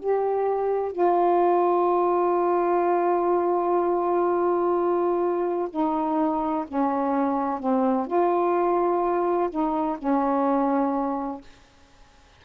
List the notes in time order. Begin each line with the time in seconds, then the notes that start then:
0.00 G4
0.92 F4
5.71 D#4
6.68 C#4
7.60 C4
8.07 F4
9.51 D#4
9.99 C#4